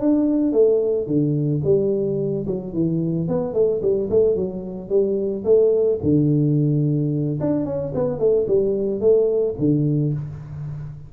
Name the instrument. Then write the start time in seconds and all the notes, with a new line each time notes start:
tuba
0.00 D4
0.53 A3
1.07 D3
1.64 G3
2.47 F#3
2.73 E3
3.28 B3
3.54 A3
3.82 G3
4.10 A3
4.36 F#3
4.89 G3
5.44 A3
6.03 D3
7.40 D4
7.65 C#4
7.94 B3
8.19 A3
8.47 G3
9.00 A3
9.59 D3